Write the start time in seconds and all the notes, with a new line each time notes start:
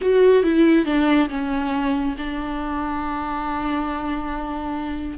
0.01 F#4
0.43 E4
0.85 D4
1.29 C#4
2.17 D4